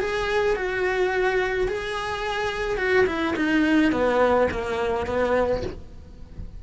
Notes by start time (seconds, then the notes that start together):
0.00 G#4
0.56 F#4
1.68 G#4
2.78 F#4
3.07 E4
3.36 D#4
3.92 B3
4.51 A#3
5.06 B3